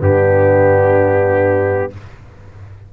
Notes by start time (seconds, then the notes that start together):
0.00 G2 B3 D4 G4